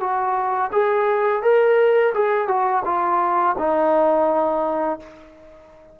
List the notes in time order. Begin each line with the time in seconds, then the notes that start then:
0.00 F#4
0.72 G#4
1.42 A#4
2.14 G#4
2.48 F#4
2.85 F4
3.58 D#4